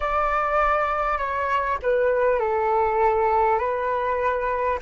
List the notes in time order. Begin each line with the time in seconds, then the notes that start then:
0.00 D5
1.17 C#5
1.82 B4
2.39 A4
3.58 B4